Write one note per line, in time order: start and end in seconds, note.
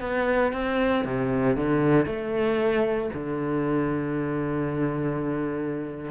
0.00 0.52 B3
0.53 1.04 C4
1.04 1.57 C3
1.57 2.06 D3
2.06 3.10 A3
3.14 6.11 D3